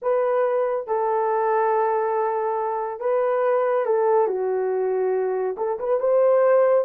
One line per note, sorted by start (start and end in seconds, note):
0.01 0.87 B4
0.87 2.99 A4
2.99 3.85 B4
3.85 4.27 A4
4.27 5.55 F#4
5.57 5.78 A4
5.79 6.00 B4
6.00 6.85 C5